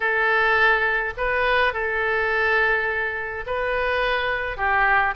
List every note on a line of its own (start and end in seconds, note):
0.00 1.13 A4
1.17 1.73 B4
1.73 3.44 A4
3.46 4.57 B4
4.57 5.14 G4